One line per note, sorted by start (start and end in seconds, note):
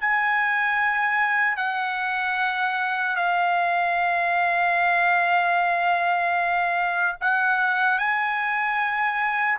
0.00 1.56 G#5
1.56 3.16 F#5
3.16 7.16 F5
7.20 7.98 F#5
7.98 9.58 G#5